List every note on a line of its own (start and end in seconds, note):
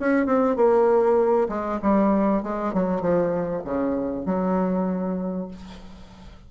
0.00 0.26 C#4
0.26 0.56 C4
0.56 1.48 A#3
1.49 1.80 G#3
1.83 2.43 G3
2.43 2.74 G#3
2.74 3.01 F#3
3.01 3.63 F3
3.65 4.26 C#3
4.26 5.48 F#3